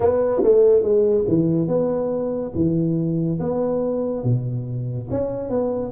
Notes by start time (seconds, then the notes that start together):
0.00 B3
0.43 A3
0.82 G#3
1.28 E3
1.67 B3
2.54 E3
3.39 B3
4.23 B2
5.10 C#4
5.49 B3